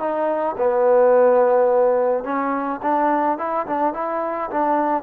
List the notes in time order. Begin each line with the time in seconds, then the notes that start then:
0.00 D#4
0.58 B3
2.25 C#4
2.83 D4
3.38 E4
3.67 D4
3.94 E4
4.51 D4